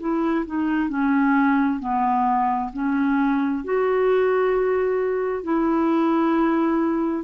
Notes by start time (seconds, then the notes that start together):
0.00 E4
0.46 D#4
0.90 C#4
1.80 B3
2.74 C#4
3.64 F#4
5.44 E4